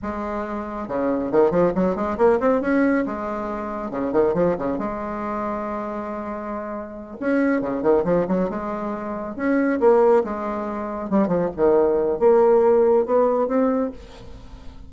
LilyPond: \new Staff \with { instrumentName = "bassoon" } { \time 4/4 \tempo 4 = 138 gis2 cis4 dis8 f8 | fis8 gis8 ais8 c'8 cis'4 gis4~ | gis4 cis8 dis8 f8 cis8 gis4~ | gis1~ |
gis8 cis'4 cis8 dis8 f8 fis8 gis8~ | gis4. cis'4 ais4 gis8~ | gis4. g8 f8 dis4. | ais2 b4 c'4 | }